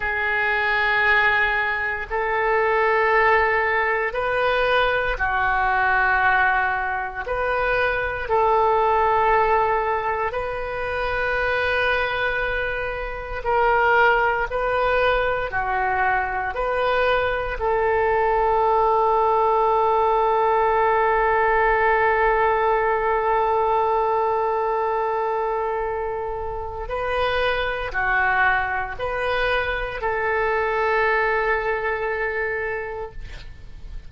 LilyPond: \new Staff \with { instrumentName = "oboe" } { \time 4/4 \tempo 4 = 58 gis'2 a'2 | b'4 fis'2 b'4 | a'2 b'2~ | b'4 ais'4 b'4 fis'4 |
b'4 a'2.~ | a'1~ | a'2 b'4 fis'4 | b'4 a'2. | }